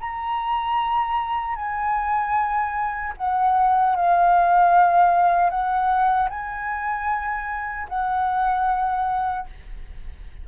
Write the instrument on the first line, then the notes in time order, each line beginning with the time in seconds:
flute
0.00 A#5
1.56 G#5
3.17 F#5
3.96 F5
5.50 F#5
6.30 G#5
7.89 F#5